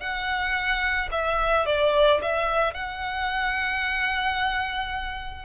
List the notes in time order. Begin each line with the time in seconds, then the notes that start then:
0.00 F#5
1.12 E5
1.66 D5
2.22 E5
2.74 F#5